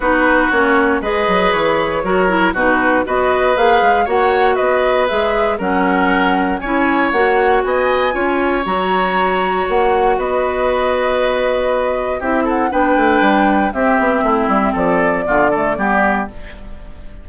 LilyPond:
<<
  \new Staff \with { instrumentName = "flute" } { \time 4/4 \tempo 4 = 118 b'4 cis''4 dis''4 cis''4~ | cis''4 b'4 dis''4 f''4 | fis''4 dis''4 e''4 fis''4~ | fis''4 gis''4 fis''4 gis''4~ |
gis''4 ais''2 fis''4 | dis''1 | e''8 fis''8 g''2 e''4~ | e''4 d''2. | }
  \new Staff \with { instrumentName = "oboe" } { \time 4/4 fis'2 b'2 | ais'4 fis'4 b'2 | cis''4 b'2 ais'4~ | ais'4 cis''2 dis''4 |
cis''1 | b'1 | g'8 a'8 b'2 g'4 | e'4 a'4 f'8 a'8 g'4 | }
  \new Staff \with { instrumentName = "clarinet" } { \time 4/4 dis'4 cis'4 gis'2 | fis'8 e'8 dis'4 fis'4 gis'4 | fis'2 gis'4 cis'4~ | cis'4 e'4 fis'2 |
f'4 fis'2.~ | fis'1 | e'4 d'2 c'4~ | c'2 b8 a8 b4 | }
  \new Staff \with { instrumentName = "bassoon" } { \time 4/4 b4 ais4 gis8 fis8 e4 | fis4 b,4 b4 ais8 gis8 | ais4 b4 gis4 fis4~ | fis4 cis'4 ais4 b4 |
cis'4 fis2 ais4 | b1 | c'4 b8 a8 g4 c'8 b8 | a8 g8 f4 d4 g4 | }
>>